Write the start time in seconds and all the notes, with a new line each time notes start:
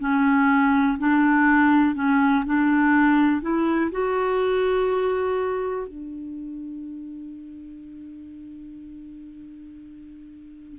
0.00 C#4
0.99 D4
1.95 C#4
2.45 D4
3.41 E4
3.91 F#4
5.87 D4